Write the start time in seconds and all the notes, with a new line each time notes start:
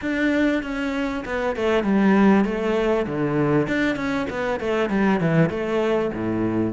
0.01 D4
0.62 C#4
1.25 B3
1.56 A3
1.83 G3
2.44 A3
3.06 D3
3.67 D4
3.96 C#4
4.30 B3
4.59 A3
4.89 G3
5.20 E3
5.50 A3
6.13 A2